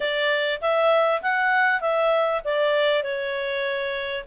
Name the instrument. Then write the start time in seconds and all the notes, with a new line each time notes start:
clarinet
0.00 D5
0.61 E5
1.22 F#5
1.80 E5
2.44 D5
3.03 C#5